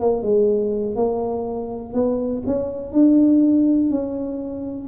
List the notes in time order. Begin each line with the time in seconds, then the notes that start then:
0.00 A#3
0.22 G#3
0.95 A#3
1.93 B3
2.46 C#4
2.92 D4
3.90 C#4